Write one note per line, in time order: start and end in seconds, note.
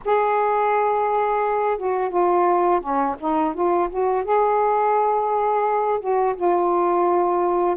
0.04 1.77 G#4
1.77 2.09 F#4
2.09 2.80 F4
2.80 3.15 C#4
3.19 3.54 D#4
3.54 3.89 F4
3.89 4.24 F#4
4.24 5.99 G#4
5.99 6.35 F#4
6.35 7.76 F4